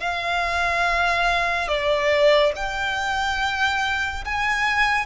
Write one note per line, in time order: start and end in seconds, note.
0.00 1.68 F5
1.68 2.53 D5
2.55 4.24 G5
4.25 5.06 G#5